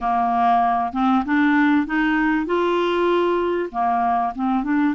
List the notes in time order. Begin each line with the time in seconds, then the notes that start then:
0.01 A#3
0.93 C4
1.25 D4
1.86 D#4
2.46 F4
3.71 A#3
4.35 C4
4.63 D4